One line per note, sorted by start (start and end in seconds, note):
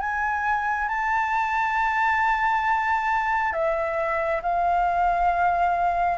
0.00 0.88 G#5
0.89 3.53 A5
3.53 4.41 E5
4.42 6.18 F5